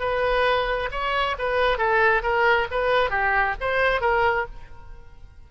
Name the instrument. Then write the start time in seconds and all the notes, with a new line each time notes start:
oboe
0.00 B4
0.92 C#5
1.39 B4
1.78 A4
2.23 A#4
2.71 B4
3.10 G4
3.61 C5
4.01 A#4